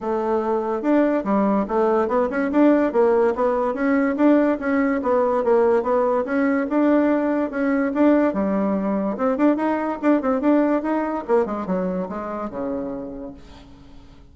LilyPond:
\new Staff \with { instrumentName = "bassoon" } { \time 4/4 \tempo 4 = 144 a2 d'4 g4 | a4 b8 cis'8 d'4 ais4 | b4 cis'4 d'4 cis'4 | b4 ais4 b4 cis'4 |
d'2 cis'4 d'4 | g2 c'8 d'8 dis'4 | d'8 c'8 d'4 dis'4 ais8 gis8 | fis4 gis4 cis2 | }